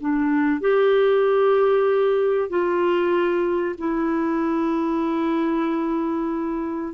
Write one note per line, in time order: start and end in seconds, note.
0.00 0.60 D4
0.60 2.49 G4
2.49 3.76 F4
3.78 6.94 E4